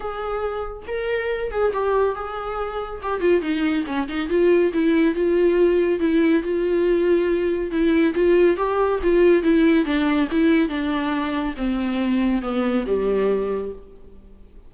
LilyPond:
\new Staff \with { instrumentName = "viola" } { \time 4/4 \tempo 4 = 140 gis'2 ais'4. gis'8 | g'4 gis'2 g'8 f'8 | dis'4 cis'8 dis'8 f'4 e'4 | f'2 e'4 f'4~ |
f'2 e'4 f'4 | g'4 f'4 e'4 d'4 | e'4 d'2 c'4~ | c'4 b4 g2 | }